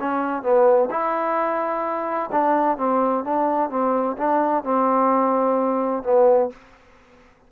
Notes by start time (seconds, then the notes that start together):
0.00 C#4
0.43 B3
0.91 E4
2.32 D4
2.78 C4
3.25 D4
3.70 C4
4.18 D4
4.64 C4
6.04 B3